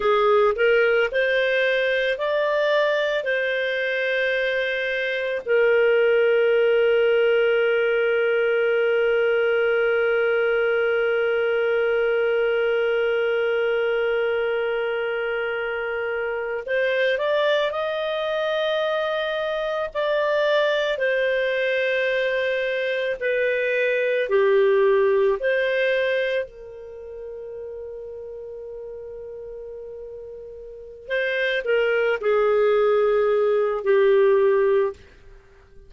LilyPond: \new Staff \with { instrumentName = "clarinet" } { \time 4/4 \tempo 4 = 55 gis'8 ais'8 c''4 d''4 c''4~ | c''4 ais'2.~ | ais'1~ | ais'2.~ ais'16 c''8 d''16~ |
d''16 dis''2 d''4 c''8.~ | c''4~ c''16 b'4 g'4 c''8.~ | c''16 ais'2.~ ais'8.~ | ais'8 c''8 ais'8 gis'4. g'4 | }